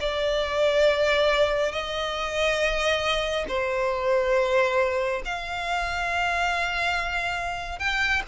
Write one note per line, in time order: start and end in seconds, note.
0.00 1.72 D5
1.72 3.45 D#5
3.48 5.22 C5
5.25 7.79 F5
7.79 8.23 G5